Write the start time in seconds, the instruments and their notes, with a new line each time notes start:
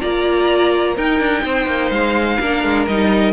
0.00 cello A#3, viola F4, violin D5 A#5
0.95 cello D#4, viola D#4, violin A#4 G5
1.19 cello D4
1.44 cello C4, violin C5
1.67 cello A#3
1.90 cello G#3, violin F5
2.40 cello A#3, viola D4, violin A#4
2.63 cello G#3
2.87 cello G3, viola D#4, violin D#5